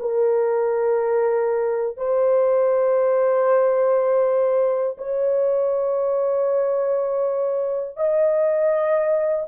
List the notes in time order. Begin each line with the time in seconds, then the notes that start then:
0.00 A#4
1.98 C5
4.98 C#5
7.97 D#5